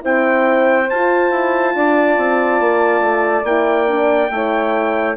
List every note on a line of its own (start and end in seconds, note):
0.00 0.89 C4
0.00 0.86 E4
0.00 1.74 C5
0.00 0.89 G5
0.89 1.30 F4
0.89 3.46 F4
0.89 3.45 A5
1.30 1.73 E4
1.74 2.17 D4
1.74 4.31 D5
2.17 2.60 C4
2.60 3.00 A#3
3.00 3.43 A3
3.43 4.29 A#3
3.43 3.87 E4
3.43 5.16 G5
3.87 4.30 D4
4.30 5.16 A3
4.30 5.16 E4
4.30 5.16 C#5